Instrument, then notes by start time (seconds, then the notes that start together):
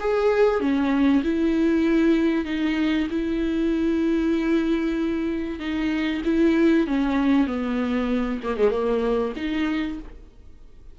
viola
0.00 G#4
0.60 C#4
1.24 E4
2.45 D#4
3.11 E4
5.60 D#4
6.25 E4
6.88 C#4
7.47 B3
8.44 A#3
8.57 G#3
8.71 A#3
9.36 D#4